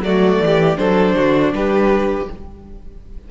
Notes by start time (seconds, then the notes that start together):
0.00 F#3 A3 D5
0.06 F#4
0.40 E3 G4
0.76 F#3 D4 A4 C5
1.15 D3 F#4
1.53 G3 G4 B4